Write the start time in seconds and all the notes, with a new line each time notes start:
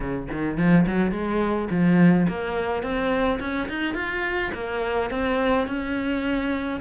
0.00 C#3
0.31 D#3
0.57 F3
0.86 F#3
1.11 G#3
1.70 F3
2.28 A#3
2.82 C4
3.40 C#4
3.68 D#4
3.94 F4
4.53 A#3
5.10 C4
5.67 C#4